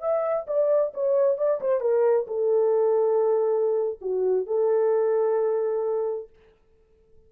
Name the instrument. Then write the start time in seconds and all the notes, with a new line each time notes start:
horn
0.00 E5
0.47 D5
0.94 C#5
1.37 D5
1.61 C5
1.80 A#4
2.27 A4
4.01 F#4
4.46 A4